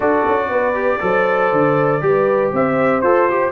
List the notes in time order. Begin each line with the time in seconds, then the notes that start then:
0.00 D4 F#4 A4 D5
0.27 C#4
0.49 B3 B4
0.74 G4
1.00 F#3 A4 C5
1.52 D3
2.01 G3 G4 B4
2.52 C4 C5 E5
3.01 F4 A4 C5
3.30 G4